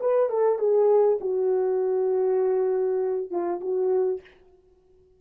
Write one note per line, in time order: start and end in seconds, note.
0.00 0.29 B4
0.29 0.58 A4
0.58 1.18 G#4
1.21 3.30 F#4
3.30 3.60 F4
3.61 4.21 F#4